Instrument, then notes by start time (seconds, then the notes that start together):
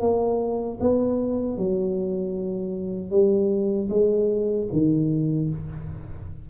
tuba
0.00 A#3
0.80 B3
1.57 F#3
3.10 G3
3.89 G#3
4.72 D#3